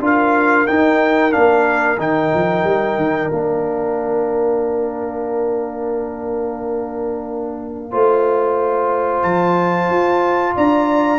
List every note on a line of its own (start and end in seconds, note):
0.00 0.66 D4
0.00 0.67 F4
0.00 7.91 A#4
0.00 0.67 F5
0.67 1.31 D#4
0.67 1.35 D#4
0.67 1.32 G5
1.31 1.98 A#3
1.31 1.97 D4
1.31 1.98 F5
1.98 2.31 D#3
1.98 3.30 D#4
1.98 3.32 G5
2.34 2.64 F3
2.64 2.97 G3
2.97 3.30 D#3
3.30 7.93 A#3
3.30 7.91 D4
3.30 9.23 F5
7.91 9.23 A3
7.91 11.19 F4
7.91 10.55 C5
9.23 9.89 F3
9.23 10.54 A5
9.89 10.55 F4
10.55 11.19 D4
10.55 11.19 D5
10.55 11.19 A#5